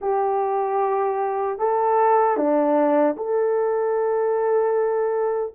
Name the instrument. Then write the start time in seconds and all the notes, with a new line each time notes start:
horn
0.01 G4
1.58 A4
2.36 D4
3.16 A4